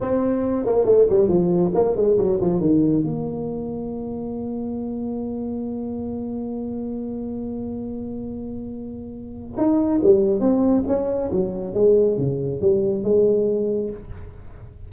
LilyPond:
\new Staff \with { instrumentName = "tuba" } { \time 4/4 \tempo 4 = 138 c'4. ais8 a8 g8 f4 | ais8 gis8 fis8 f8 dis4 ais4~ | ais1~ | ais1~ |
ais1~ | ais2 dis'4 g4 | c'4 cis'4 fis4 gis4 | cis4 g4 gis2 | }